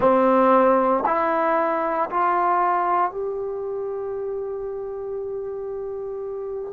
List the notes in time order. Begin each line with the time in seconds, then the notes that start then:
0.00 C4
1.06 E4
2.09 F4
3.11 G4